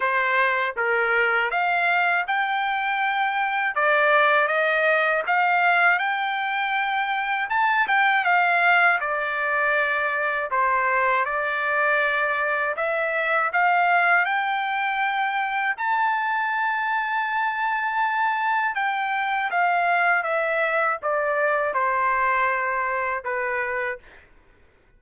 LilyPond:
\new Staff \with { instrumentName = "trumpet" } { \time 4/4 \tempo 4 = 80 c''4 ais'4 f''4 g''4~ | g''4 d''4 dis''4 f''4 | g''2 a''8 g''8 f''4 | d''2 c''4 d''4~ |
d''4 e''4 f''4 g''4~ | g''4 a''2.~ | a''4 g''4 f''4 e''4 | d''4 c''2 b'4 | }